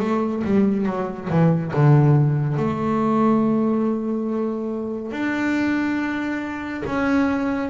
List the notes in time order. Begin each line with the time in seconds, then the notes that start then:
0.00 A3
0.44 G3
0.86 F#3
1.29 E3
1.74 D3
2.58 A3
5.12 D4
6.86 C#4